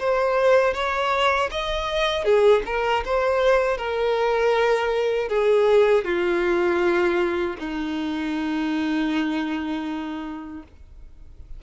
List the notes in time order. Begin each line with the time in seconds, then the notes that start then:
0.00 C5
0.74 C#5
1.52 D#5
2.25 G#4
2.66 A#4
3.05 C5
3.78 A#4
5.29 G#4
6.05 F4
7.59 D#4